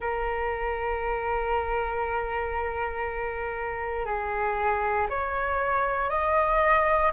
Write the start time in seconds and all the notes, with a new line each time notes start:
0.00 A#4
4.05 G#4
5.09 C#5
6.09 D#5